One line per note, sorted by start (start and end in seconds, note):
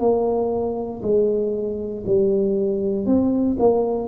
0.00 1.02 A#3
1.03 2.04 G#3
2.07 3.06 G3
3.06 3.57 C4
3.60 4.09 A#3